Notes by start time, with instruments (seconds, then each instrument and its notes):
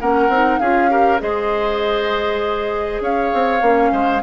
0.00 bassoon A#3, clarinet C#4, oboe A#4, flute F#5
0.28 bassoon C4, clarinet D#4
0.58 bassoon C#4, clarinet F4, oboe G#4, flute F5
0.89 clarinet G4, oboe A#4
1.19 bassoon G#3, clarinet G#4, oboe C5, flute D#5
3.00 bassoon C#4, oboe C#5, flute F5
3.33 bassoon C4
3.61 bassoon A#3, clarinet C#4
3.92 bassoon G#3, oboe C5